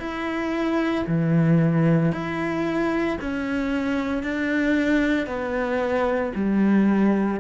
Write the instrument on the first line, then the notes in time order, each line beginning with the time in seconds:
cello
0.00 E4
1.07 E3
2.12 E4
3.21 C#4
4.23 D4
5.27 B3
6.35 G3